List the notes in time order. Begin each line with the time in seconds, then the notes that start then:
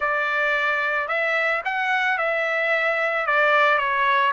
0.00 D5
1.07 E5
1.65 F#5
2.18 E5
3.26 D5
3.77 C#5